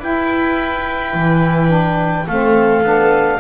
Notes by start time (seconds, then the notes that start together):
0.00 E4 B4 G5
1.14 E3
1.68 D4
2.27 A3 C4 A4 F5
2.83 B3 D4